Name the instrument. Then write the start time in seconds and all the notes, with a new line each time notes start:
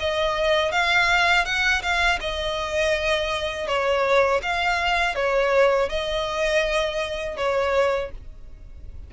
violin
0.00 D#5
0.72 F5
1.45 F#5
1.82 F5
2.21 D#5
3.67 C#5
4.43 F5
5.15 C#5
5.90 D#5
7.37 C#5